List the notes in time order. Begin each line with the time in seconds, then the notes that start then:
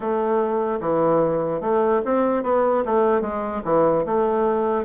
0.00 A3
0.80 E3
1.60 A3
2.05 C4
2.43 B3
2.85 A3
3.21 G#3
3.64 E3
4.05 A3